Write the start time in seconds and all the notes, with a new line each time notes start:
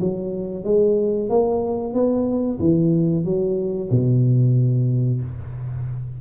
0.00 F#3
0.64 G#3
1.29 A#3
1.94 B3
2.59 E3
3.24 F#3
3.90 B2